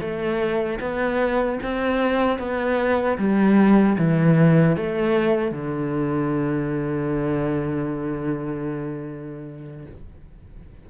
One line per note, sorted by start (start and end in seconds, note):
0.00 0.79 A3
0.80 1.59 B3
1.62 2.38 C4
2.38 3.17 B3
3.18 3.97 G3
3.98 4.76 E3
4.76 5.51 A3
5.51 9.85 D3